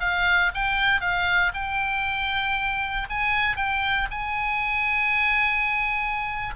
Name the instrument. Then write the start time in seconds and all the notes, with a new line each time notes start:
oboe
0.00 F5
0.54 G5
1.01 F5
1.54 G5
3.10 G#5
3.56 G5
4.10 G#5